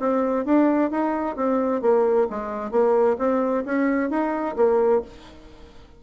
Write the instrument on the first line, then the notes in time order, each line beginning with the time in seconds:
bassoon
0.00 C4
0.46 D4
0.91 D#4
1.36 C4
1.82 A#3
2.30 G#3
2.71 A#3
3.19 C4
3.66 C#4
4.10 D#4
4.57 A#3